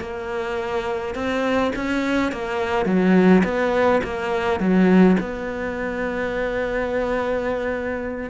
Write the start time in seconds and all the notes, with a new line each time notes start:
0.00 A#3
1.15 C4
1.75 C#4
2.32 A#3
2.85 F#3
3.44 B3
4.03 A#3
4.59 F#3
5.20 B3